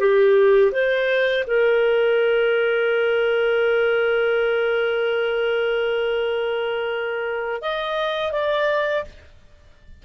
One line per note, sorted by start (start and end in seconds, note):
0.00 0.72 G4
0.72 1.45 C5
1.47 7.62 A#4
7.62 8.32 D#5
8.32 9.05 D5